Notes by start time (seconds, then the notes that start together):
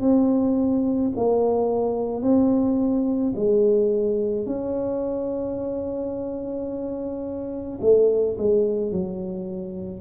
0.00 C4
1.16 A#3
2.22 C4
3.35 G#3
4.46 C#4
7.81 A3
8.38 G#3
8.91 F#3